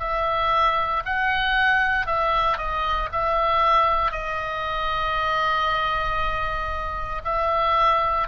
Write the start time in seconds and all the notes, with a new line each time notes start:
0.00 E5
1.05 F#5
2.07 E5
2.58 D#5
3.13 E5
4.12 D#5
7.25 E5